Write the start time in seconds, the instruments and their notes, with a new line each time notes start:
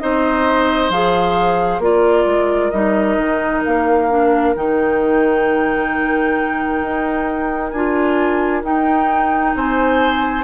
0.00 bassoon C4, clarinet D#4, oboe C5, flute D#5
0.90 bassoon F3, clarinet G#4, flute F5
1.79 bassoon A#3, clarinet F4, oboe A#4, flute D5
2.26 bassoon G#3
2.71 bassoon G3, clarinet D#4, flute D#5
3.18 bassoon D#3
3.65 bassoon A#3, flute F5
4.10 clarinet D4
4.56 bassoon D#3, clarinet D#4, flute G5
6.82 bassoon D#4
7.71 bassoon D4, clarinet F4, flute G#5
8.63 bassoon D#4, clarinet D#4, flute G5
9.55 bassoon C4, oboe C5, flute G#5